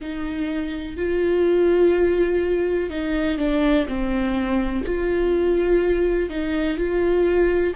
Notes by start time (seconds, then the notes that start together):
0.00 D#4
0.97 F4
2.90 D#4
3.38 D4
3.87 C4
4.85 F4
6.29 D#4
6.77 F4